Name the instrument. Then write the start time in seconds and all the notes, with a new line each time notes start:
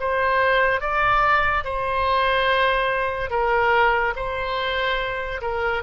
oboe
0.00 C5
0.81 D5
1.64 C5
3.31 A#4
4.16 C5
5.41 A#4